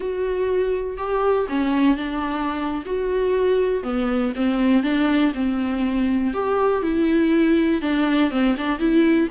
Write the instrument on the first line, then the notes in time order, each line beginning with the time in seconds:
viola
0.00 F#4
0.97 G4
1.49 C#4
1.97 D4
2.85 F#4
3.83 B3
4.35 C4
4.83 D4
5.34 C4
6.33 G4
6.82 E4
7.81 D4
8.30 C4
8.57 D4
8.79 E4